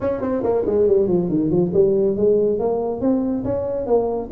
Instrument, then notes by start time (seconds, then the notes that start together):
tuba
0.00 C#4
0.21 C4
0.43 A#3
0.66 G#3
0.87 G3
1.07 F3
1.29 D#3
1.50 F3
1.73 G3
2.16 G#3
2.59 A#3
3.01 C4
3.44 C#4
3.86 A#3